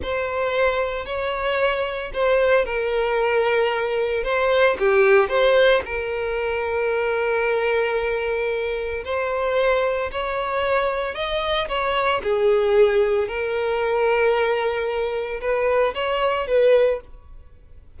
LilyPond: \new Staff \with { instrumentName = "violin" } { \time 4/4 \tempo 4 = 113 c''2 cis''2 | c''4 ais'2. | c''4 g'4 c''4 ais'4~ | ais'1~ |
ais'4 c''2 cis''4~ | cis''4 dis''4 cis''4 gis'4~ | gis'4 ais'2.~ | ais'4 b'4 cis''4 b'4 | }